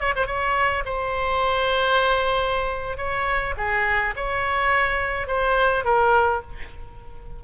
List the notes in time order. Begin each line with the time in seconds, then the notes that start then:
0.00 C#5
0.16 C5
0.27 C#5
0.85 C5
2.97 C#5
3.57 G#4
4.16 C#5
5.27 C5
5.85 A#4